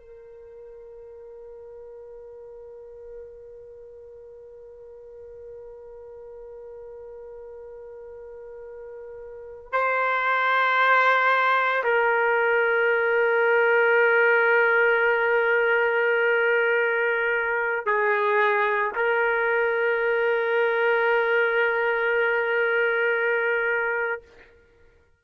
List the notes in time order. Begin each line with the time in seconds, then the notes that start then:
0.00 A#4
9.73 C5
11.84 A#4
17.87 G#4
18.96 A#4